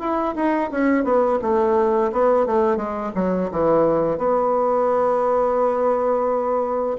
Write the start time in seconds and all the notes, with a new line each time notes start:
0.00 E4
0.36 D#4
0.71 C#4
1.04 B3
1.42 A3
2.12 B3
2.46 A3
2.77 G#3
3.15 F#3
3.52 E3
4.18 B3